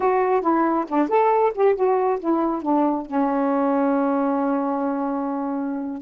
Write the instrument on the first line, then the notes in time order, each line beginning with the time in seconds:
saxophone
0.00 F#4
0.41 E4
0.88 D4
1.08 A4
1.54 G4
1.75 F#4
2.19 E4
2.62 D4
3.06 C#4